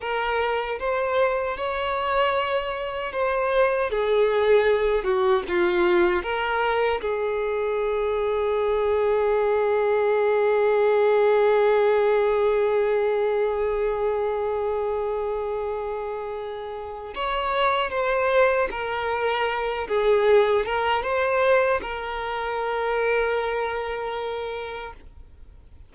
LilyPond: \new Staff \with { instrumentName = "violin" } { \time 4/4 \tempo 4 = 77 ais'4 c''4 cis''2 | c''4 gis'4. fis'8 f'4 | ais'4 gis'2.~ | gis'1~ |
gis'1~ | gis'2 cis''4 c''4 | ais'4. gis'4 ais'8 c''4 | ais'1 | }